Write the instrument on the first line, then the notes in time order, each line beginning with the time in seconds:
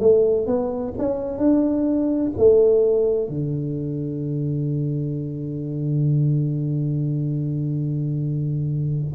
tuba
0.00 A3
0.47 B3
0.98 C#4
1.38 D4
2.37 A3
3.29 D3